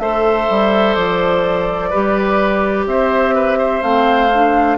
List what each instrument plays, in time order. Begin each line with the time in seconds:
0.00 bassoon A3, clarinet A4, oboe C5, flute E5
0.50 bassoon G3
0.95 bassoon F3, flute D5
1.90 bassoon G3, clarinet G4, oboe B4
2.87 bassoon C4, oboe C5, flute E5
3.35 oboe B4
3.59 oboe C5
3.82 bassoon A3, clarinet C4, flute F5
4.34 clarinet D4